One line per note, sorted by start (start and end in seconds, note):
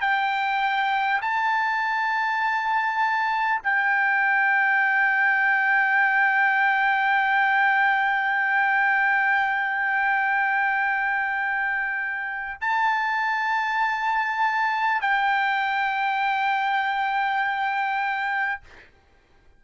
0.00 1.20 G5
1.21 3.61 A5
3.63 12.61 G5
12.61 15.01 A5
15.01 18.61 G5